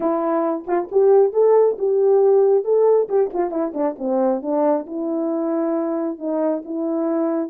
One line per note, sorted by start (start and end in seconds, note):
0.00 0.64 E4
0.67 0.89 F4
0.91 1.33 G4
1.33 1.77 A4
1.78 2.64 G4
2.64 3.08 A4
3.08 3.30 G4
3.33 3.51 F4
3.51 3.73 E4
3.73 3.95 D4
3.98 4.41 C4
4.41 4.85 D4
4.86 6.18 E4
6.18 6.62 D#4
6.64 7.49 E4